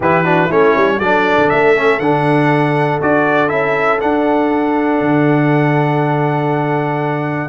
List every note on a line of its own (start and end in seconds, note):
0.00 0.49 E3
0.00 0.24 E4
0.00 0.24 G4
0.00 0.51 B4
0.24 0.49 D4
0.24 0.46 F#4
0.46 0.74 A3
0.46 1.01 C#4
0.46 0.96 E4
0.46 0.99 C#5
0.76 0.99 G3
0.97 1.37 F#3
0.97 1.75 D4
0.97 7.47 A4
0.97 1.49 D5
1.37 1.50 D3
1.49 1.99 A3
1.49 1.99 E5
1.75 2.00 C#4
1.99 2.99 D3
1.99 3.01 D4
1.99 2.99 F#5
3.01 3.51 D4
3.01 3.49 F#4
3.01 3.49 D5
3.49 4.01 C#4
3.49 3.99 E4
3.49 3.99 E5
3.99 7.48 D4
3.99 5.00 D4
3.99 7.48 F#5
5.00 7.48 D3